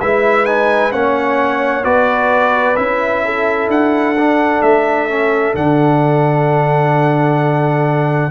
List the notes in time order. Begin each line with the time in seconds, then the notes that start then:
0.00 G#3 E4 B4 E5
0.45 D#4 G#5
0.91 A#3 C#4 C#5 F#5
1.83 B3 F#4 B4 D5
2.76 C#4 E4 E5
3.25 A4
3.68 D4 F#5
4.18 D4
4.62 A3 E5
5.09 C#4
5.54 D3 D4 F#5